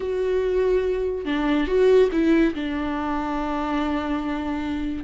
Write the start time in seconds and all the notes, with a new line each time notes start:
0.00 F#4
1.25 D4
1.67 F#4
2.12 E4
2.54 D4